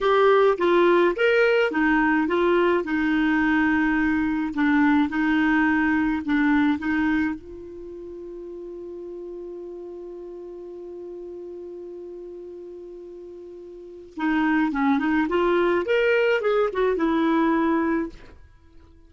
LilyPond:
\new Staff \with { instrumentName = "clarinet" } { \time 4/4 \tempo 4 = 106 g'4 f'4 ais'4 dis'4 | f'4 dis'2. | d'4 dis'2 d'4 | dis'4 f'2.~ |
f'1~ | f'1~ | f'4 dis'4 cis'8 dis'8 f'4 | ais'4 gis'8 fis'8 e'2 | }